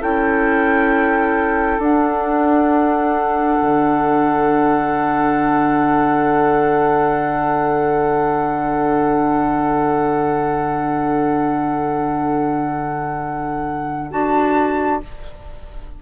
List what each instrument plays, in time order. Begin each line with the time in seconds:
0.00 bassoon C#4, clarinet E4, oboe A4, flute G5
1.78 bassoon D4, clarinet D4, flute F#5
3.61 bassoon D3
14.10 bassoon D4, clarinet F#4, flute A5